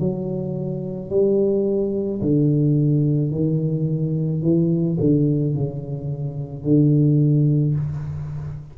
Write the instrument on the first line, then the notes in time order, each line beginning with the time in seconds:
tuba
0.00 F#3
1.10 G3
2.22 D3
3.32 D#3
4.42 E3
5.00 D3
5.55 C#3
6.64 D3